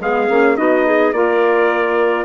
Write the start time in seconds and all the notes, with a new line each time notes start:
0.00 G#3 B3 G#4 F5
0.29 A#3 C#4
0.57 B3 D#4 F#4 D#5
0.85 G#4
1.12 A#3 F4 A#4 D5